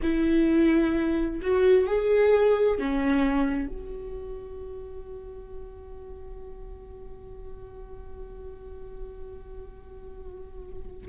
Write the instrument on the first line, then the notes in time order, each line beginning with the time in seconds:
viola
0.02 E4
1.41 F#4
1.86 G#4
2.78 C#4
3.68 F#4